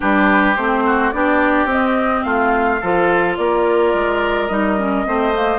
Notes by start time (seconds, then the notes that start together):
0.00 G3 D4 G4 B4
0.56 A3 C4 C5
0.86 F#4
1.11 B3 D4 G4 D5
1.65 C4 D#5
2.22 A3 F4 F5
2.80 F3 F4 A4
3.36 A#3 A#4 D5
3.94 G#3
4.47 G3 D#4 D#5
4.77 C#4
5.05 A3 C4 C5
5.34 A#3